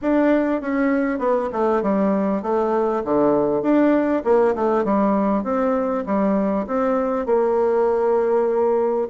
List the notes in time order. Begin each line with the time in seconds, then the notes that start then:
0.01 D4
0.61 C#4
1.18 B3
1.52 A3
1.82 G3
2.42 A3
3.04 D3
3.62 D4
4.24 A#3
4.55 A3
4.84 G3
5.43 C4
6.06 G3
6.66 C4
7.26 A#3